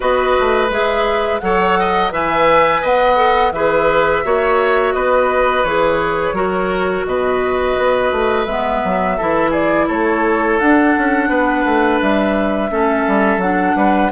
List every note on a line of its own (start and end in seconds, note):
0.00 0.36 B3
0.00 0.68 F#4
0.00 1.41 B4
0.00 0.71 D#5
0.39 0.69 A3
0.69 1.40 G#3
0.69 1.41 G#4
0.69 1.39 E5
1.39 2.11 F#3
1.39 2.11 A4
1.39 1.79 C#5
1.39 2.10 F#5
1.79 2.12 D#5
2.11 2.82 E3
2.11 3.16 B4
2.11 2.81 E5
2.11 2.85 G#5
2.81 3.51 B3
2.81 3.52 D#5
2.81 3.52 F#5
3.16 3.51 A4
3.51 4.22 E3
3.51 4.24 G#4
3.51 4.24 B4
3.51 4.93 E5
4.24 4.94 A#3
4.24 5.65 F#4
4.24 4.94 C#5
4.93 5.64 B3
4.93 6.35 B4
4.93 5.64 D#5
5.64 6.32 E3
5.64 6.34 G#4
5.64 7.05 C#5
6.32 7.03 F#3
6.32 8.46 F#4
6.32 7.05 A#4
7.06 7.76 B2
7.06 9.17 B4
7.06 8.45 D#5
7.77 8.11 B3
8.11 8.46 A3
8.45 8.81 G#3
8.45 9.19 B3
8.45 9.51 E5
8.84 9.19 F#3
9.17 9.89 E3
9.17 10.61 E4
9.17 9.50 A4
9.50 9.85 G#4
9.50 9.87 D5
9.88 10.60 A3
9.88 11.29 A4
9.88 10.59 C#5
10.59 10.95 D4
10.59 12.70 D4
10.59 12.00 F#5
10.97 11.29 C#4
11.29 11.64 B3
11.29 12.70 B4
11.65 12.00 A3
12.00 12.70 G3
12.00 13.40 E5
12.70 13.06 A3
12.70 13.41 C#4
12.70 13.76 A4
13.07 13.37 G3
13.37 13.72 F#3
13.37 14.11 D4
13.37 14.11 F#5
13.75 14.11 G3
13.75 14.11 B4